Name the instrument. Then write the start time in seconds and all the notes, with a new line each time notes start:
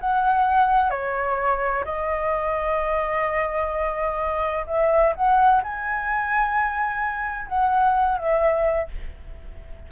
flute
0.00 F#5
0.90 C#5
1.84 D#5
4.66 E5
5.15 F#5
5.63 G#5
7.47 F#5
8.18 E5